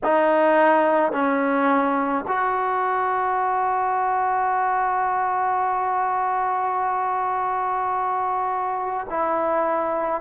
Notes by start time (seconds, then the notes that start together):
0.03 D#4
1.12 C#4
2.27 F#4
9.09 E4